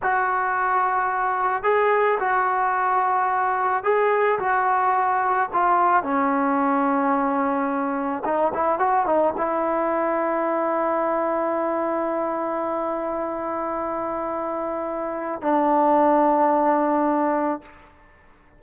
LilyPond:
\new Staff \with { instrumentName = "trombone" } { \time 4/4 \tempo 4 = 109 fis'2. gis'4 | fis'2. gis'4 | fis'2 f'4 cis'4~ | cis'2. dis'8 e'8 |
fis'8 dis'8 e'2.~ | e'1~ | e'1 | d'1 | }